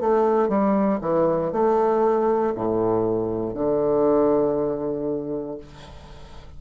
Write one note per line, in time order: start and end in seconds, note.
0.00 0.48 A3
0.48 0.99 G3
1.01 1.52 E3
1.52 2.54 A3
2.55 3.54 A2
3.54 5.57 D3